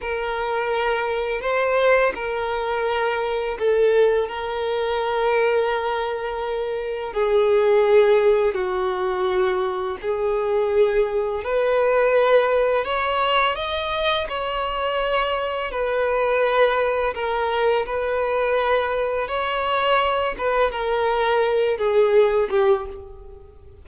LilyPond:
\new Staff \with { instrumentName = "violin" } { \time 4/4 \tempo 4 = 84 ais'2 c''4 ais'4~ | ais'4 a'4 ais'2~ | ais'2 gis'2 | fis'2 gis'2 |
b'2 cis''4 dis''4 | cis''2 b'2 | ais'4 b'2 cis''4~ | cis''8 b'8 ais'4. gis'4 g'8 | }